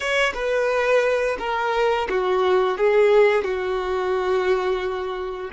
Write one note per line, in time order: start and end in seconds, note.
0.00 0.33 C#5
0.34 1.37 B4
1.39 2.08 A#4
2.09 2.77 F#4
2.77 3.44 G#4
3.44 5.50 F#4